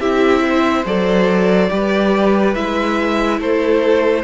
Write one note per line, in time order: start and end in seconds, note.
0.00 0.85 C4
0.00 0.85 E4
0.00 0.42 G4
0.00 0.85 E5
0.43 1.70 C5
0.85 1.70 F#3
0.85 1.69 A4
0.85 2.55 D5
1.69 2.55 G3
1.69 2.53 G4
1.69 3.39 B4
2.55 3.39 G#3
2.55 4.24 E4
2.55 3.39 E5
3.39 4.24 A3
3.39 4.24 A4
3.39 4.24 C5